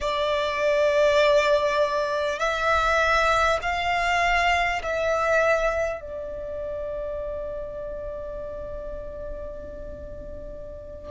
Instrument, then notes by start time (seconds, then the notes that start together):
violin
0.00 D5
2.39 E5
3.62 F5
4.83 E5
6.00 D5